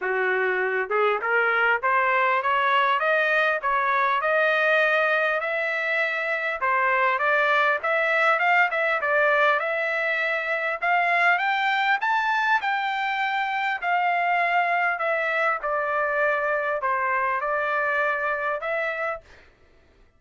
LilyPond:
\new Staff \with { instrumentName = "trumpet" } { \time 4/4 \tempo 4 = 100 fis'4. gis'8 ais'4 c''4 | cis''4 dis''4 cis''4 dis''4~ | dis''4 e''2 c''4 | d''4 e''4 f''8 e''8 d''4 |
e''2 f''4 g''4 | a''4 g''2 f''4~ | f''4 e''4 d''2 | c''4 d''2 e''4 | }